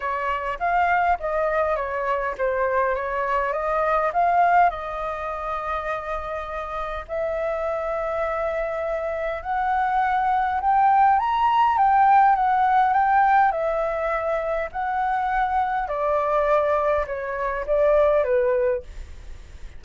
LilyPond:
\new Staff \with { instrumentName = "flute" } { \time 4/4 \tempo 4 = 102 cis''4 f''4 dis''4 cis''4 | c''4 cis''4 dis''4 f''4 | dis''1 | e''1 |
fis''2 g''4 ais''4 | g''4 fis''4 g''4 e''4~ | e''4 fis''2 d''4~ | d''4 cis''4 d''4 b'4 | }